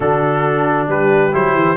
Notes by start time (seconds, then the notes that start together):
0.00 D3 D4 F#4 A4
0.87 G3 G4 B4
1.32 F#3 E4 C5
1.54 E3